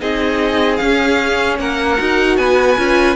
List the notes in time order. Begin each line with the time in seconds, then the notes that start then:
0.00 C4 D#4 G#4 D#5
0.77 C#4 F5
1.60 A#3 A#4 F#5
1.99 D#4 F#4
2.37 B3 B4 G#5
2.78 C#4 F4